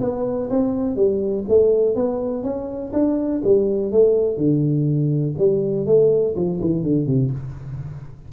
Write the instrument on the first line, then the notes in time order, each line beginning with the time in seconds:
tuba
0.00 B3
0.50 C4
0.96 G3
1.48 A3
1.95 B3
2.43 C#4
2.92 D4
3.44 G3
3.91 A3
4.37 D3
5.37 G3
5.86 A3
6.35 F3
6.60 E3
6.82 D3
7.06 C3